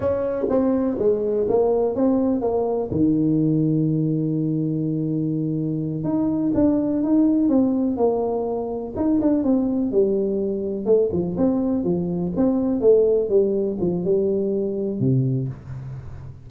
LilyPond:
\new Staff \with { instrumentName = "tuba" } { \time 4/4 \tempo 4 = 124 cis'4 c'4 gis4 ais4 | c'4 ais4 dis2~ | dis1~ | dis8 dis'4 d'4 dis'4 c'8~ |
c'8 ais2 dis'8 d'8 c'8~ | c'8 g2 a8 f8 c'8~ | c'8 f4 c'4 a4 g8~ | g8 f8 g2 c4 | }